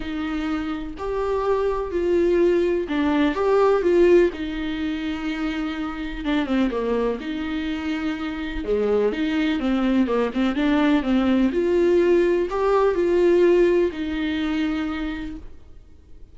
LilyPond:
\new Staff \with { instrumentName = "viola" } { \time 4/4 \tempo 4 = 125 dis'2 g'2 | f'2 d'4 g'4 | f'4 dis'2.~ | dis'4 d'8 c'8 ais4 dis'4~ |
dis'2 gis4 dis'4 | c'4 ais8 c'8 d'4 c'4 | f'2 g'4 f'4~ | f'4 dis'2. | }